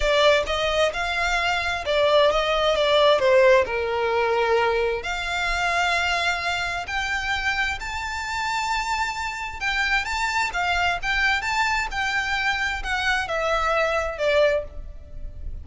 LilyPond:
\new Staff \with { instrumentName = "violin" } { \time 4/4 \tempo 4 = 131 d''4 dis''4 f''2 | d''4 dis''4 d''4 c''4 | ais'2. f''4~ | f''2. g''4~ |
g''4 a''2.~ | a''4 g''4 a''4 f''4 | g''4 a''4 g''2 | fis''4 e''2 d''4 | }